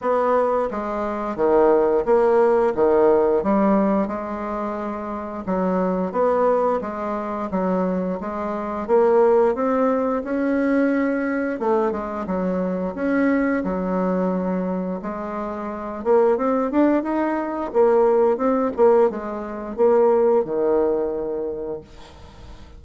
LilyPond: \new Staff \with { instrumentName = "bassoon" } { \time 4/4 \tempo 4 = 88 b4 gis4 dis4 ais4 | dis4 g4 gis2 | fis4 b4 gis4 fis4 | gis4 ais4 c'4 cis'4~ |
cis'4 a8 gis8 fis4 cis'4 | fis2 gis4. ais8 | c'8 d'8 dis'4 ais4 c'8 ais8 | gis4 ais4 dis2 | }